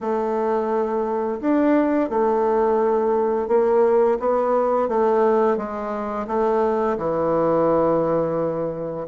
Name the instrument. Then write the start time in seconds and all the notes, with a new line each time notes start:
bassoon
0.00 A3
1.40 D4
2.09 A3
3.48 A#3
4.19 B3
4.88 A3
5.57 G#3
6.27 A3
6.97 E3